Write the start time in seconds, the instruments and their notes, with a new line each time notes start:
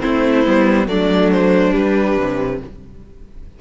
0.00 cello A3, viola C4, violin E4 C5
0.45 cello G3, viola B3
0.86 cello F#3, viola A3, violin D4 D5
1.31 violin C5
1.71 viola G3, cello G3, violin B4
2.17 cello C3